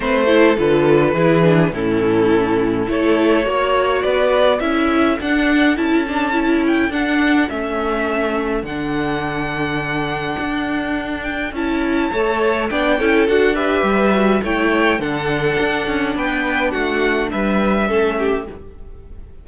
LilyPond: <<
  \new Staff \with { instrumentName = "violin" } { \time 4/4 \tempo 4 = 104 c''4 b'2 a'4~ | a'4 cis''2 d''4 | e''4 fis''4 a''4. g''8 | fis''4 e''2 fis''4~ |
fis''2.~ fis''8 g''8 | a''2 g''4 fis''8 e''8~ | e''4 g''4 fis''2 | g''4 fis''4 e''2 | }
  \new Staff \with { instrumentName = "violin" } { \time 4/4 b'8 a'4. gis'4 e'4~ | e'4 a'4 cis''4 b'4 | a'1~ | a'1~ |
a'1~ | a'4 cis''4 d''8 a'4 b'8~ | b'4 cis''4 a'2 | b'4 fis'4 b'4 a'8 g'8 | }
  \new Staff \with { instrumentName = "viola" } { \time 4/4 c'8 e'8 f'4 e'8 d'8 cis'4~ | cis'4 e'4 fis'2 | e'4 d'4 e'8 d'8 e'4 | d'4 cis'2 d'4~ |
d'1 | e'4 a'4 d'8 e'8 fis'8 g'8~ | g'8 fis'8 e'4 d'2~ | d'2. cis'4 | }
  \new Staff \with { instrumentName = "cello" } { \time 4/4 a4 d4 e4 a,4~ | a,4 a4 ais4 b4 | cis'4 d'4 cis'2 | d'4 a2 d4~ |
d2 d'2 | cis'4 a4 b8 cis'8 d'4 | g4 a4 d4 d'8 cis'8 | b4 a4 g4 a4 | }
>>